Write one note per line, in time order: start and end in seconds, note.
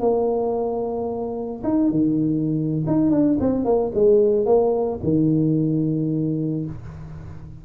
0.00 1.62 A#3
1.63 1.90 D#4
1.90 2.85 D#3
2.86 3.11 D#4
3.11 3.38 D4
3.40 3.64 C4
3.64 3.91 A#3
3.94 4.45 G#3
4.45 4.99 A#3
5.03 6.65 D#3